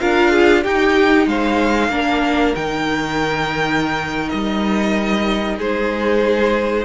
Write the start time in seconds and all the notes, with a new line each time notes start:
0.00 D4 F4 A#4 F5
0.32 G#4
0.63 D#4 G4 G5
1.27 G#3 C5 F5
1.89 A#3 D4 A#4
2.55 D#3 D#4 G5
4.29 G3 D#5
5.57 G#3 G#4 C5